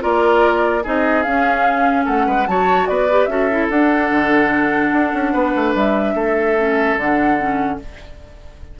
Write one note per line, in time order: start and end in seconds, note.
0.00 0.86 A#3
0.00 0.82 F4
0.00 0.83 A#4
0.00 0.85 D5
0.83 1.26 C4
0.83 1.25 D#4
0.83 2.05 G#4
0.83 1.23 D#5
1.23 2.48 C#4
1.23 2.07 C#4
1.23 2.05 F5
2.05 2.27 A3
2.05 2.26 A4
2.05 2.47 F#5
2.27 2.47 G#3
2.27 2.47 B4
2.47 2.88 F#3
2.47 3.09 F#4
2.47 2.89 C#5
2.47 2.87 A5
2.87 3.27 B3
2.87 3.30 B4
2.87 3.26 D5
3.10 3.30 G4
3.26 3.68 C#4
3.26 3.50 F#4
3.26 5.33 A4
3.26 3.67 E5
3.51 3.71 E4
3.70 4.11 D4
3.70 6.58 D4
3.70 5.74 F#5
4.11 4.92 D3
4.93 5.13 D4
5.14 5.34 C#4
5.33 5.55 B3
5.33 6.15 B4
5.56 5.75 A3
5.75 6.15 G3
5.75 6.98 E5
6.15 6.96 A3
6.15 7.78 A4
6.58 6.98 C#4
6.97 7.78 D3
6.97 7.38 D4
6.97 7.80 F#5
7.38 7.79 C#4